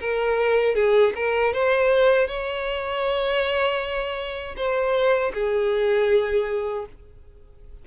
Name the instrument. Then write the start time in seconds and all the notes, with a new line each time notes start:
violin
0.00 A#4
0.75 G#4
1.15 A#4
1.53 C5
2.27 C#5
4.56 C5
5.34 G#4